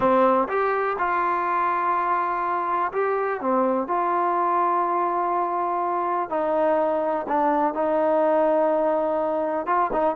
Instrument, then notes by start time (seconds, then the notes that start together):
trombone
0.00 C4
0.48 G4
0.98 F4
2.92 G4
3.40 C4
3.87 F4
6.29 D#4
7.28 D4
7.74 D#4
9.66 F4
9.92 D#4